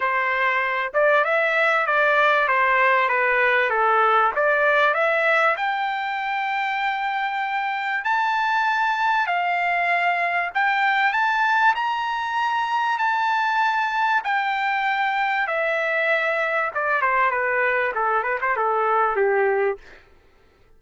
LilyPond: \new Staff \with { instrumentName = "trumpet" } { \time 4/4 \tempo 4 = 97 c''4. d''8 e''4 d''4 | c''4 b'4 a'4 d''4 | e''4 g''2.~ | g''4 a''2 f''4~ |
f''4 g''4 a''4 ais''4~ | ais''4 a''2 g''4~ | g''4 e''2 d''8 c''8 | b'4 a'8 b'16 c''16 a'4 g'4 | }